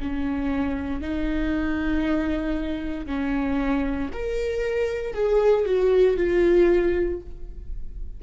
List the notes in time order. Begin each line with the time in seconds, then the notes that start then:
0.00 C#4
1.01 D#4
3.06 C#4
4.13 A#4
5.14 G#4
5.66 F#4
6.17 F4